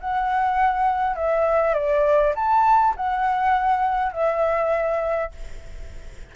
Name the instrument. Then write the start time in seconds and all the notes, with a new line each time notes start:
flute
0.00 F#5
1.16 E5
1.74 D5
2.35 A5
2.96 F#5
4.13 E5